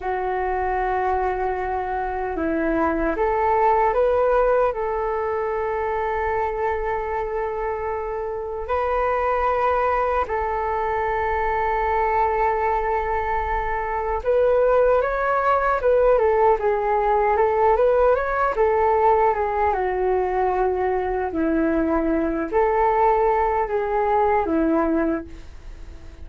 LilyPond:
\new Staff \with { instrumentName = "flute" } { \time 4/4 \tempo 4 = 76 fis'2. e'4 | a'4 b'4 a'2~ | a'2. b'4~ | b'4 a'2.~ |
a'2 b'4 cis''4 | b'8 a'8 gis'4 a'8 b'8 cis''8 a'8~ | a'8 gis'8 fis'2 e'4~ | e'8 a'4. gis'4 e'4 | }